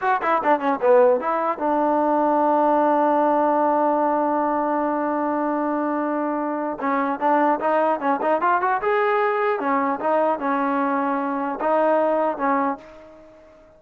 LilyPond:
\new Staff \with { instrumentName = "trombone" } { \time 4/4 \tempo 4 = 150 fis'8 e'8 d'8 cis'8 b4 e'4 | d'1~ | d'1~ | d'1~ |
d'4 cis'4 d'4 dis'4 | cis'8 dis'8 f'8 fis'8 gis'2 | cis'4 dis'4 cis'2~ | cis'4 dis'2 cis'4 | }